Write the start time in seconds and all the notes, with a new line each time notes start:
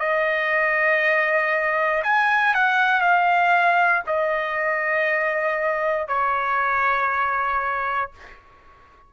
0.00 D#5
2.04 G#5
2.55 F#5
3.01 F5
4.07 D#5
6.08 C#5